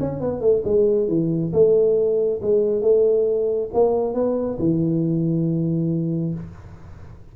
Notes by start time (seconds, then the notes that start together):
0.00 C#4
0.21 B3
0.41 A3
0.64 G#3
1.08 E3
1.53 A3
2.42 G#3
2.81 A3
3.73 A#3
4.14 B3
4.59 E3